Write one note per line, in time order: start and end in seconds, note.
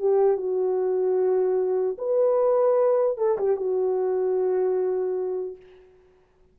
0.00 0.37 G4
0.37 1.97 F#4
1.99 3.18 B4
3.18 3.38 A4
3.39 3.57 G4
3.57 5.57 F#4